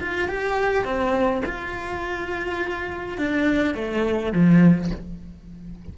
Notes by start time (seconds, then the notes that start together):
0.00 F4
0.28 G4
0.84 C4
1.46 F4
3.18 D4
3.75 A3
4.32 F3